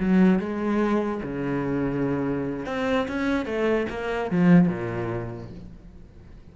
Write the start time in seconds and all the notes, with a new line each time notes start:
0.00 F#3
0.39 G#3
1.23 C#3
2.66 C4
3.08 C#4
3.46 A3
3.90 A#3
4.31 F3
4.68 A#2